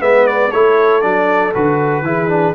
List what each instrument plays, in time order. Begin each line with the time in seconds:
0.00 tuba G#3, trombone B3, horn B4, trumpet E5
0.26 trumpet D5
0.51 tuba A3, trombone E4, horn A4, trumpet C#5
1.01 tuba F#3, trombone D4, trumpet D5
1.54 tuba D3, trombone F#4, trumpet B4
2.02 tuba E3, trombone E4, horn G#4
2.28 trombone D4